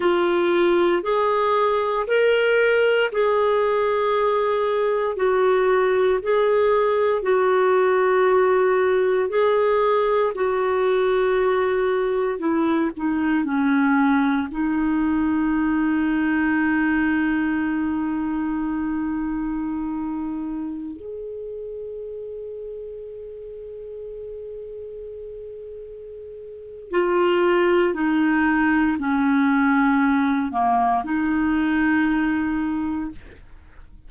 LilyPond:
\new Staff \with { instrumentName = "clarinet" } { \time 4/4 \tempo 4 = 58 f'4 gis'4 ais'4 gis'4~ | gis'4 fis'4 gis'4 fis'4~ | fis'4 gis'4 fis'2 | e'8 dis'8 cis'4 dis'2~ |
dis'1~ | dis'16 gis'2.~ gis'8.~ | gis'2 f'4 dis'4 | cis'4. ais8 dis'2 | }